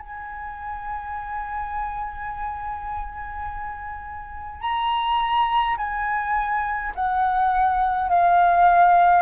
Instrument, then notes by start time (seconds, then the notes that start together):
flute
0.00 G#5
4.62 A#5
5.78 G#5
6.96 F#5
8.10 F5